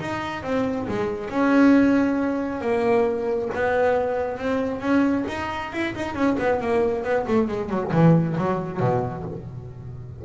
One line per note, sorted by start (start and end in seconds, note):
0.00 0.43 D#4
0.43 0.87 C4
0.88 1.30 G#3
1.30 2.61 C#4
2.61 3.49 A#3
3.55 4.38 B3
4.38 4.80 C4
4.80 5.25 C#4
5.28 5.72 D#4
5.72 5.94 E4
5.95 6.14 D#4
6.14 6.36 C#4
6.39 6.61 B3
6.61 7.04 A#3
7.04 7.26 B3
7.27 7.48 A3
7.48 7.69 G#3
7.69 7.92 F#3
7.92 8.36 E3
8.37 8.80 F#3
8.80 9.24 B2